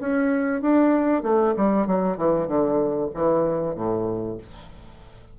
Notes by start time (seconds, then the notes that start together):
0.00 C#4
0.62 D4
1.23 A3
1.57 G3
1.87 F#3
2.18 E3
2.48 D3
3.14 E3
3.76 A2